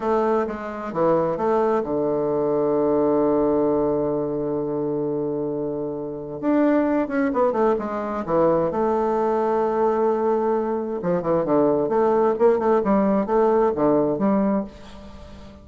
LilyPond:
\new Staff \with { instrumentName = "bassoon" } { \time 4/4 \tempo 4 = 131 a4 gis4 e4 a4 | d1~ | d1~ | d2 d'4. cis'8 |
b8 a8 gis4 e4 a4~ | a1 | f8 e8 d4 a4 ais8 a8 | g4 a4 d4 g4 | }